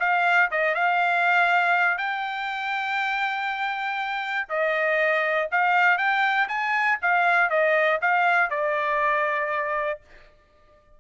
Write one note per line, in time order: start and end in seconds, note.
0.00 0.50 F5
0.51 0.75 D#5
0.75 1.98 F5
1.98 4.48 G5
4.49 5.49 D#5
5.51 5.98 F5
5.98 6.48 G5
6.48 6.98 G#5
7.02 7.50 F5
7.50 8.00 D#5
8.01 8.50 F5
8.50 10.00 D5